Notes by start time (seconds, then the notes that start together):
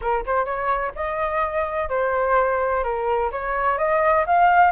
0.01 A#4
0.26 C5
0.45 C#5
0.95 D#5
1.89 C5
2.83 A#4
3.31 C#5
3.78 D#5
4.26 F5